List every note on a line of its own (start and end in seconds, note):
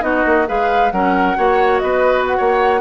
0.00 0.24 B3
0.00 0.45 D#4
0.00 0.48 F#4
0.00 0.47 D#5
0.25 0.48 A#3
0.46 0.92 G#3
0.46 0.91 G#4
0.46 0.92 B4
0.46 0.91 F5
0.91 1.36 F#3
0.91 1.36 C#4
0.91 1.37 A#4
0.91 1.78 F#5
1.36 1.82 A#3
1.36 2.80 F#4
1.36 1.82 C#5
1.78 2.38 B3
1.78 2.37 B4
1.78 2.23 D#5
2.26 2.80 F#5
2.37 2.80 A#3
2.37 2.80 C#5